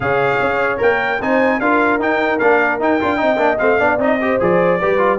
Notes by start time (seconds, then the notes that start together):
0.00 C#3 G#4 C#5 F5
0.41 C#4
0.77 A#3 A#4 G5
1.20 C4 D#4 C5 G#5
1.59 D4 F4 A#4 F5
1.98 D#4 G5
2.39 A#3 D4 F5
2.79 D#4 G5
3.00 D4 F4
3.17 C4 D#4 D#5
3.36 A#3 D4
3.58 A3 C4 F5
3.79 B3 D4 D5
3.98 C4 D#4 D#5
4.21 G4 C5
4.39 F3 G#4 D5
4.80 G3 G4 B4
4.98 F4